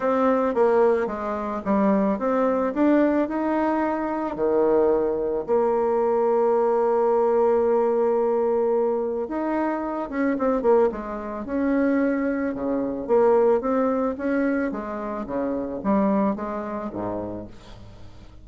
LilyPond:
\new Staff \with { instrumentName = "bassoon" } { \time 4/4 \tempo 4 = 110 c'4 ais4 gis4 g4 | c'4 d'4 dis'2 | dis2 ais2~ | ais1~ |
ais4 dis'4. cis'8 c'8 ais8 | gis4 cis'2 cis4 | ais4 c'4 cis'4 gis4 | cis4 g4 gis4 gis,4 | }